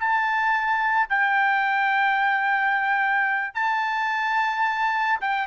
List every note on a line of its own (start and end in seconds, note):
0.00 1.09 A5
1.09 3.55 G5
3.55 5.20 A5
5.21 5.47 G5